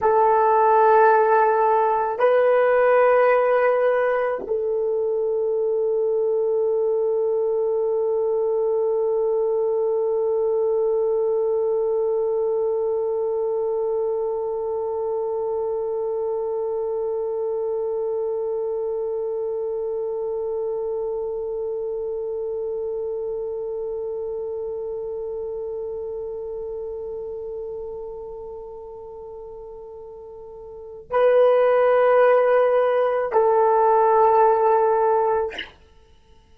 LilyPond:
\new Staff \with { instrumentName = "horn" } { \time 4/4 \tempo 4 = 54 a'2 b'2 | a'1~ | a'1~ | a'1~ |
a'1~ | a'1~ | a'1 | b'2 a'2 | }